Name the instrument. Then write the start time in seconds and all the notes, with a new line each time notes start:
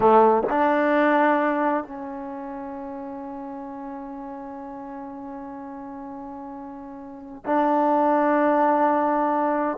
trombone
0.00 A3
0.49 D4
1.84 C#4
7.45 D4